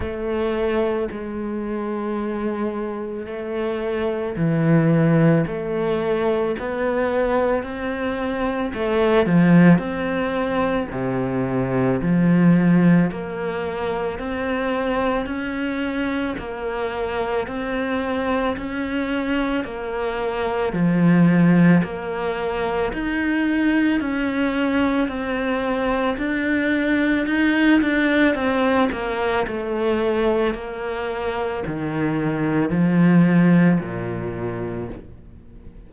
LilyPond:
\new Staff \with { instrumentName = "cello" } { \time 4/4 \tempo 4 = 55 a4 gis2 a4 | e4 a4 b4 c'4 | a8 f8 c'4 c4 f4 | ais4 c'4 cis'4 ais4 |
c'4 cis'4 ais4 f4 | ais4 dis'4 cis'4 c'4 | d'4 dis'8 d'8 c'8 ais8 a4 | ais4 dis4 f4 ais,4 | }